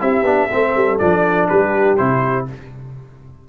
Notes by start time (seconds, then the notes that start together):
0.00 C4 E4 G4 E5
0.22 B3 D4
0.51 A3 C4 A4
0.75 G3
0.98 F3 D4 D5
1.48 G3 G4 B4
1.96 C3 E4 C5